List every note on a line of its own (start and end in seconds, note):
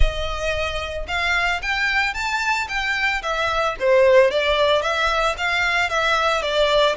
0.00 1.06 D#5
1.07 1.61 F5
1.61 2.14 G5
2.14 2.67 A5
2.68 3.22 G5
3.22 3.75 E5
3.79 4.31 C5
4.31 4.81 D5
4.81 5.35 E5
5.37 5.89 F5
5.89 6.42 E5
6.42 6.95 D5